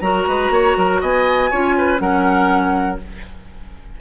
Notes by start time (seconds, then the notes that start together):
0.00 F#3 F#4 A#4 A#5
0.27 G#3 B4
0.50 A#3 C#5
0.77 F#3 A#4
1.01 B3 D#5 G#5
1.50 C#4 F4 C#5
1.78 B4
1.99 F#3 C#4 A#4 F#5